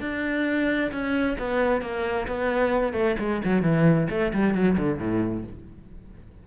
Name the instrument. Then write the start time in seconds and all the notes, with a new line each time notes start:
cello
0.00 D4
0.91 C#4
1.38 B3
1.81 A#3
2.27 B3
2.93 A3
3.19 G#3
3.44 F#3
3.62 E3
4.09 A3
4.33 G3
4.55 F#3
4.78 D3
4.98 A2